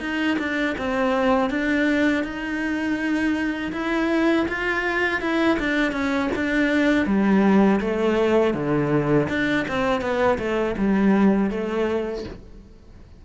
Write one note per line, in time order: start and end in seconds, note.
0.00 0.37 D#4
0.38 0.75 D4
0.78 1.50 C4
1.50 2.24 D4
2.24 3.72 D#4
3.72 4.46 E4
4.48 5.21 F4
5.21 5.58 E4
5.59 5.92 D4
5.92 6.29 C#4
6.36 7.06 D4
7.06 7.80 G3
7.80 8.54 A3
8.54 9.28 D3
9.29 9.66 D4
9.68 10.01 C4
10.01 10.38 B3
10.38 10.75 A3
10.77 11.50 G3
11.50 12.24 A3